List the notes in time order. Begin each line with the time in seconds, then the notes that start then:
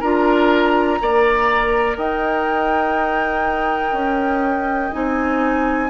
0.00 D4 F4 A#4 A#5
1.00 A#3 A#4 D5
1.97 D#4 D#5 G5
3.92 C#4
4.92 C4 D#4 G#5